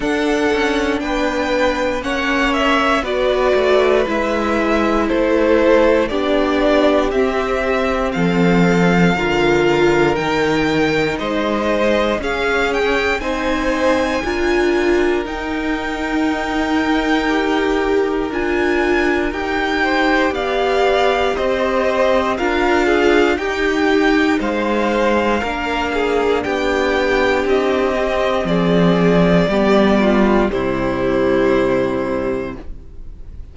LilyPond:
<<
  \new Staff \with { instrumentName = "violin" } { \time 4/4 \tempo 4 = 59 fis''4 g''4 fis''8 e''8 d''4 | e''4 c''4 d''4 e''4 | f''2 g''4 dis''4 | f''8 g''8 gis''2 g''4~ |
g''2 gis''4 g''4 | f''4 dis''4 f''4 g''4 | f''2 g''4 dis''4 | d''2 c''2 | }
  \new Staff \with { instrumentName = "violin" } { \time 4/4 a'4 b'4 cis''4 b'4~ | b'4 a'4 g'2 | a'4 ais'2 c''4 | gis'4 c''4 ais'2~ |
ais'2.~ ais'8 c''8 | d''4 c''4 ais'8 gis'8 g'4 | c''4 ais'8 gis'8 g'2 | gis'4 g'8 f'8 e'2 | }
  \new Staff \with { instrumentName = "viola" } { \time 4/4 d'2 cis'4 fis'4 | e'2 d'4 c'4~ | c'4 f'4 dis'2 | cis'4 dis'4 f'4 dis'4~ |
dis'4 g'4 f'4 g'4~ | g'2 f'4 dis'4~ | dis'4 d'2~ d'8 c'8~ | c'4 b4 g2 | }
  \new Staff \with { instrumentName = "cello" } { \time 4/4 d'8 cis'8 b4 ais4 b8 a8 | gis4 a4 b4 c'4 | f4 d4 dis4 gis4 | cis'4 c'4 d'4 dis'4~ |
dis'2 d'4 dis'4 | b4 c'4 d'4 dis'4 | gis4 ais4 b4 c'4 | f4 g4 c2 | }
>>